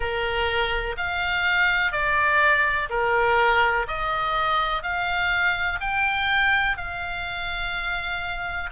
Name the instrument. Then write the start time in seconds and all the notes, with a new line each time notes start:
oboe
0.00 A#4
0.97 F5
1.91 D5
2.89 A#4
3.87 D#5
4.82 F5
5.80 G5
6.77 F5